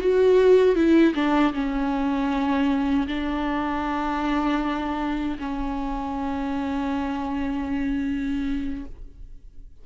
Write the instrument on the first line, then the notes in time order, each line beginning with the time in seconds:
viola
0.00 F#4
0.75 E4
1.14 D4
1.53 C#4
3.07 D4
5.38 C#4